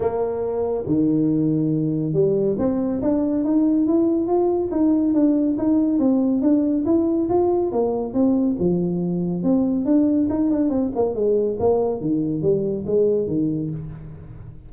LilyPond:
\new Staff \with { instrumentName = "tuba" } { \time 4/4 \tempo 4 = 140 ais2 dis2~ | dis4 g4 c'4 d'4 | dis'4 e'4 f'4 dis'4 | d'4 dis'4 c'4 d'4 |
e'4 f'4 ais4 c'4 | f2 c'4 d'4 | dis'8 d'8 c'8 ais8 gis4 ais4 | dis4 g4 gis4 dis4 | }